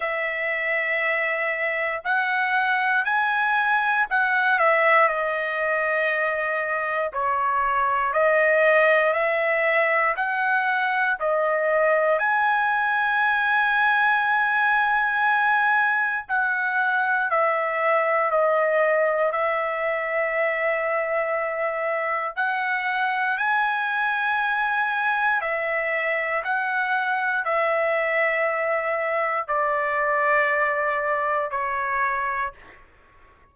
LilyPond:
\new Staff \with { instrumentName = "trumpet" } { \time 4/4 \tempo 4 = 59 e''2 fis''4 gis''4 | fis''8 e''8 dis''2 cis''4 | dis''4 e''4 fis''4 dis''4 | gis''1 |
fis''4 e''4 dis''4 e''4~ | e''2 fis''4 gis''4~ | gis''4 e''4 fis''4 e''4~ | e''4 d''2 cis''4 | }